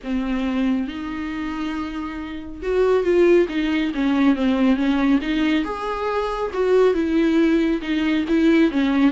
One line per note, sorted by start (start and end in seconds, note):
0.03 0.87 C4
0.87 2.61 D#4
2.62 3.03 F#4
3.03 3.47 F4
3.49 3.92 D#4
3.94 4.35 C#4
4.35 4.76 C4
4.76 5.19 C#4
5.21 5.64 D#4
5.64 6.51 G#4
6.53 6.93 F#4
6.93 7.80 E4
7.81 8.25 D#4
8.28 8.71 E4
8.71 9.11 C#4